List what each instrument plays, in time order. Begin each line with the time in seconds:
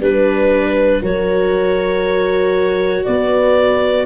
0.00 tuba G3, viola D4, clarinet B4, horn B4
1.02 tuba F#3, viola F#4, horn A#4, clarinet C#5
3.05 tuba B3, horn B4, clarinet D5